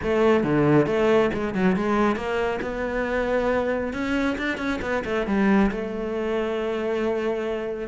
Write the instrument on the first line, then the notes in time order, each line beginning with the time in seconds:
cello
0.02 A3
0.43 D3
0.86 A3
1.33 G#3
1.54 F#3
1.76 G#3
2.15 A#3
2.61 B3
3.93 C#4
4.38 D4
4.57 C#4
4.81 B3
5.04 A3
5.27 G3
5.71 A3